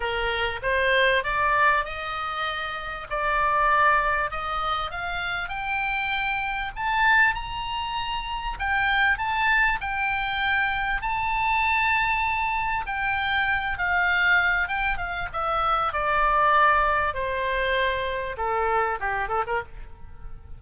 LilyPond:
\new Staff \with { instrumentName = "oboe" } { \time 4/4 \tempo 4 = 98 ais'4 c''4 d''4 dis''4~ | dis''4 d''2 dis''4 | f''4 g''2 a''4 | ais''2 g''4 a''4 |
g''2 a''2~ | a''4 g''4. f''4. | g''8 f''8 e''4 d''2 | c''2 a'4 g'8 a'16 ais'16 | }